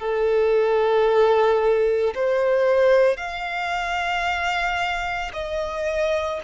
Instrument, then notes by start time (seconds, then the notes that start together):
violin
0.00 A4
2.15 C5
3.17 F5
5.34 D#5